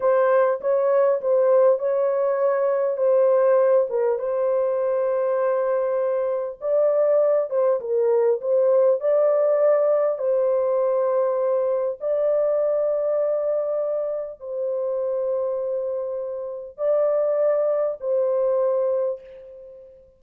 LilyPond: \new Staff \with { instrumentName = "horn" } { \time 4/4 \tempo 4 = 100 c''4 cis''4 c''4 cis''4~ | cis''4 c''4. ais'8 c''4~ | c''2. d''4~ | d''8 c''8 ais'4 c''4 d''4~ |
d''4 c''2. | d''1 | c''1 | d''2 c''2 | }